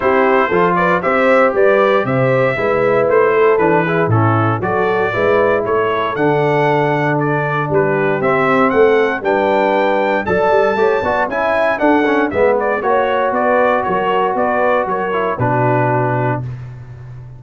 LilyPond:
<<
  \new Staff \with { instrumentName = "trumpet" } { \time 4/4 \tempo 4 = 117 c''4. d''8 e''4 d''4 | e''2 c''4 b'4 | a'4 d''2 cis''4 | fis''2 d''4 b'4 |
e''4 fis''4 g''2 | a''2 gis''4 fis''4 | e''8 d''8 cis''4 d''4 cis''4 | d''4 cis''4 b'2 | }
  \new Staff \with { instrumentName = "horn" } { \time 4/4 g'4 a'8 b'8 c''4 b'4 | c''4 b'4. a'4 gis'8 | e'4 a'4 b'4 a'4~ | a'2. g'4~ |
g'4 a'4 b'2 | d''4 cis''8 d''8 e''4 a'4 | b'4 cis''4 b'4 ais'4 | b'4 ais'4 fis'2 | }
  \new Staff \with { instrumentName = "trombone" } { \time 4/4 e'4 f'4 g'2~ | g'4 e'2 d'8 e'8 | cis'4 fis'4 e'2 | d'1 |
c'2 d'2 | a'4 g'8 fis'8 e'4 d'8 cis'8 | b4 fis'2.~ | fis'4. e'8 d'2 | }
  \new Staff \with { instrumentName = "tuba" } { \time 4/4 c'4 f4 c'4 g4 | c4 gis4 a4 e4 | a,4 fis4 gis4 a4 | d2. g4 |
c'4 a4 g2 | fis8 g8 a8 b8 cis'4 d'4 | gis4 ais4 b4 fis4 | b4 fis4 b,2 | }
>>